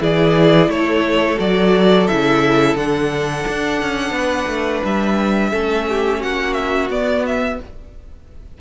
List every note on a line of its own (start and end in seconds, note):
0.00 0.69 E3
0.00 1.37 E4
0.00 0.70 G#4
0.00 0.70 D5
0.69 1.37 A3
0.69 4.16 A4
0.69 1.39 C#5
1.37 2.09 F#3
1.37 2.06 F#4
1.37 2.07 D5
2.07 2.75 C#3
2.07 2.78 E4
2.07 2.76 E5
2.75 3.44 D3
2.75 5.52 D4
2.75 4.84 F#5
3.48 3.82 D4
3.82 4.11 C#4
4.11 4.45 B3
4.17 5.51 B4
4.47 4.82 A3
4.84 5.53 G3
4.84 6.23 E5
5.51 6.23 A3
5.51 6.90 C#4
5.51 5.85 A4
5.89 6.20 G4
6.20 6.90 A#3
6.20 7.58 F#4
6.20 6.53 F#5
6.53 6.88 E5
6.90 7.59 B3
6.90 7.26 D5
7.26 7.60 E5